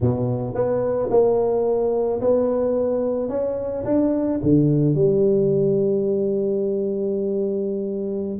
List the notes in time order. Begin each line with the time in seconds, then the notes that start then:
0.00 B2
0.54 B3
1.10 A#3
2.20 B3
3.29 C#4
3.84 D4
4.43 D3
4.94 G3